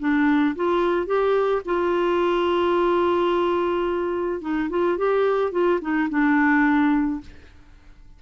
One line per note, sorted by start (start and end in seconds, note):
0.00 0.56 D4
0.56 1.07 F4
1.07 1.62 G4
1.66 4.42 F4
4.42 4.69 D#4
4.70 4.98 F4
4.98 5.52 G4
5.52 5.80 F4
5.82 6.09 D#4
6.10 7.21 D4